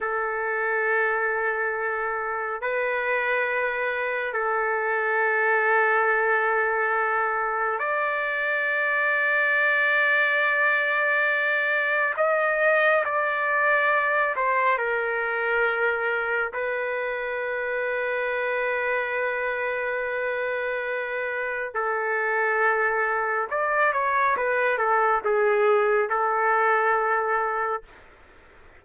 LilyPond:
\new Staff \with { instrumentName = "trumpet" } { \time 4/4 \tempo 4 = 69 a'2. b'4~ | b'4 a'2.~ | a'4 d''2.~ | d''2 dis''4 d''4~ |
d''8 c''8 ais'2 b'4~ | b'1~ | b'4 a'2 d''8 cis''8 | b'8 a'8 gis'4 a'2 | }